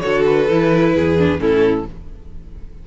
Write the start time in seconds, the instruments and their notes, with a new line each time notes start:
0.00 cello D3, viola F#4, violin A4 C#5
0.26 violin B4
0.49 cello E3, viola E4
0.94 cello E2, violin G#4
1.18 viola D4
1.38 cello A2, viola C#4, violin E4 A4